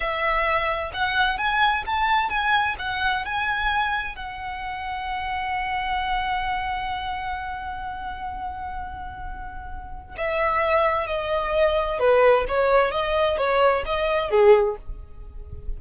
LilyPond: \new Staff \with { instrumentName = "violin" } { \time 4/4 \tempo 4 = 130 e''2 fis''4 gis''4 | a''4 gis''4 fis''4 gis''4~ | gis''4 fis''2.~ | fis''1~ |
fis''1~ | fis''2 e''2 | dis''2 b'4 cis''4 | dis''4 cis''4 dis''4 gis'4 | }